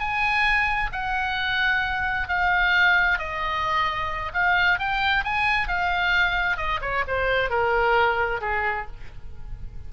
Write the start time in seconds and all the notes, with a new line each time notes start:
0.00 G#5
0.93 F#5
2.29 F5
3.19 D#5
4.34 F5
4.79 G5
5.25 G#5
5.68 F5
6.57 D#5
6.82 C#5
7.08 C5
7.50 A#4
8.41 G#4